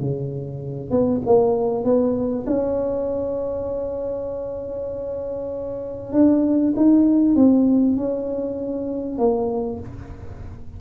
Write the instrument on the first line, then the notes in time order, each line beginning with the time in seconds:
tuba
0.00 C#3
0.90 B3
1.26 A#3
1.84 B3
2.47 C#4
6.13 D4
6.76 D#4
7.35 C4
7.96 C#4
9.18 A#3